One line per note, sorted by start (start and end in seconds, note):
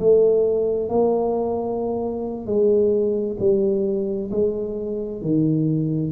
0.00 0.89 A3
0.89 2.47 A#3
2.47 3.38 G#3
3.40 4.31 G3
4.31 5.22 G#3
5.22 6.12 D#3